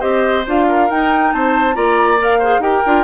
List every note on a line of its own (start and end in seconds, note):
0.00 0.46 C4
0.00 0.43 G4
0.00 0.65 C5
0.00 0.44 D#5
0.46 0.90 D4
0.46 0.90 F4
0.46 0.90 F5
0.68 1.34 A#4
0.90 1.33 D#4
0.90 1.74 D#4
0.90 1.32 G5
1.32 1.76 C4
1.32 1.76 C5
1.32 1.75 A5
1.74 2.59 A#3
1.74 2.17 F4
1.74 2.39 D5
1.74 2.19 A#5
2.19 2.40 A#4
2.19 2.62 F5
2.39 2.61 G#4
2.39 2.60 C5
2.59 2.80 D#4
2.59 2.83 G4
2.59 3.04 A#4
2.59 3.04 G5
2.86 3.04 D4
2.86 3.04 F4